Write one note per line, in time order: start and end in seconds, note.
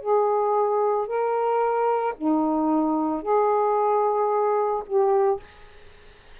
0.00 1.07 G#4
1.07 2.14 A#4
2.17 3.22 D#4
3.22 4.83 G#4
4.86 5.40 G4